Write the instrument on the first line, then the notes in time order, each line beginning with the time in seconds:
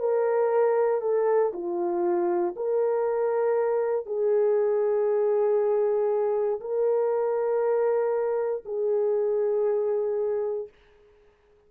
horn
0.00 A#4
1.01 A4
1.53 F4
2.56 A#4
4.06 G#4
6.61 A#4
8.65 G#4